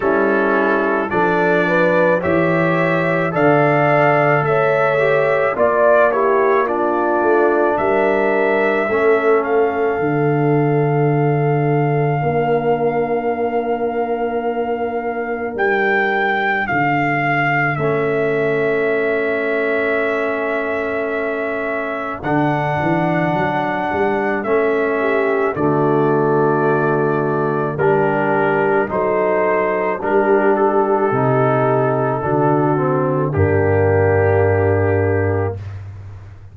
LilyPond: <<
  \new Staff \with { instrumentName = "trumpet" } { \time 4/4 \tempo 4 = 54 a'4 d''4 e''4 f''4 | e''4 d''8 cis''8 d''4 e''4~ | e''8 f''2.~ f''8~ | f''2 g''4 f''4 |
e''1 | fis''2 e''4 d''4~ | d''4 ais'4 c''4 ais'8 a'8~ | a'2 g'2 | }
  \new Staff \with { instrumentName = "horn" } { \time 4/4 e'4 a'8 b'8 cis''4 d''4 | cis''4 d''8 g'8 f'4 ais'4 | a'2. ais'4~ | ais'2. a'4~ |
a'1~ | a'2~ a'8 g'8 fis'4~ | fis'4 g'4 a'4 g'4~ | g'4 fis'4 d'2 | }
  \new Staff \with { instrumentName = "trombone" } { \time 4/4 cis'4 d'4 g'4 a'4~ | a'8 g'8 f'8 e'8 d'2 | cis'4 d'2.~ | d'1 |
cis'1 | d'2 cis'4 a4~ | a4 d'4 dis'4 d'4 | dis'4 d'8 c'8 ais2 | }
  \new Staff \with { instrumentName = "tuba" } { \time 4/4 g4 f4 e4 d4 | a4 ais4. a8 g4 | a4 d2 ais4~ | ais2 g4 d4 |
a1 | d8 e8 fis8 g8 a4 d4~ | d4 g4 fis4 g4 | c4 d4 g,2 | }
>>